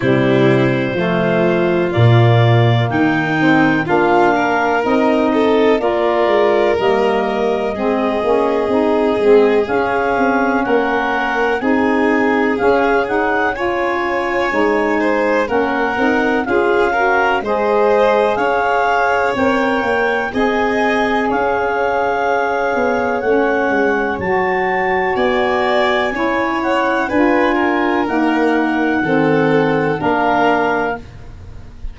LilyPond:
<<
  \new Staff \with { instrumentName = "clarinet" } { \time 4/4 \tempo 4 = 62 c''2 d''4 g''4 | f''4 dis''4 d''4 dis''4~ | dis''2 f''4 fis''4 | gis''4 f''8 fis''8 gis''2 |
fis''4 f''4 dis''4 f''4 | g''4 gis''4 f''2 | fis''4 a''4 gis''4. fis''8 | gis''4 fis''2 f''4 | }
  \new Staff \with { instrumentName = "violin" } { \time 4/4 e'4 f'2 dis'4 | f'8 ais'4 a'8 ais'2 | gis'2. ais'4 | gis'2 cis''4. c''8 |
ais'4 gis'8 ais'8 c''4 cis''4~ | cis''4 dis''4 cis''2~ | cis''2 d''4 cis''4 | b'8 ais'4. a'4 ais'4 | }
  \new Staff \with { instrumentName = "saxophone" } { \time 4/4 g4 a4 ais4. c'8 | d'4 dis'4 f'4 ais4 | c'8 cis'8 dis'8 c'8 cis'2 | dis'4 cis'8 dis'8 f'4 dis'4 |
cis'8 dis'8 f'8 fis'8 gis'2 | ais'4 gis'2. | cis'4 fis'2 e'4 | f'4 ais4 c'4 d'4 | }
  \new Staff \with { instrumentName = "tuba" } { \time 4/4 c4 f4 ais,4 dis4 | ais4 c'4 ais8 gis8 g4 | gis8 ais8 c'8 gis8 cis'8 c'8 ais4 | c'4 cis'2 gis4 |
ais8 c'8 cis'4 gis4 cis'4 | c'8 ais8 c'4 cis'4. b8 | a8 gis8 fis4 b4 cis'4 | d'4 dis'4 dis4 ais4 | }
>>